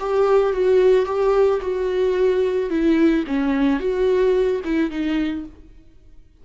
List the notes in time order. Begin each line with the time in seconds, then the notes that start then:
0.00 G4
0.53 F#4
1.06 G4
1.62 F#4
2.70 E4
3.27 C#4
3.80 F#4
4.65 E4
4.91 D#4